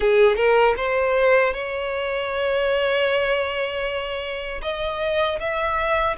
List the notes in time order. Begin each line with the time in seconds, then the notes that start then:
0.00 G#4
0.36 A#4
0.76 C5
1.53 C#5
4.62 D#5
5.39 E5